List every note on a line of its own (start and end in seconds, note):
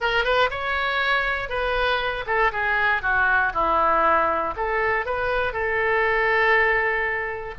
0.00 0.24 A#4
0.24 0.49 B4
0.50 1.49 C#5
1.49 2.24 B4
2.26 2.51 A4
2.52 3.02 G#4
3.02 3.52 F#4
3.53 4.54 E4
4.56 5.05 A4
5.05 5.52 B4
5.52 7.54 A4